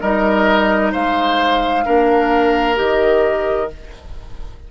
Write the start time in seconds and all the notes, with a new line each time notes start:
0.00 G3 D#4 A#4 D#5
0.92 G#3 C5 F5
1.85 A#3 D4 A#4
2.75 D#3 G4 D#5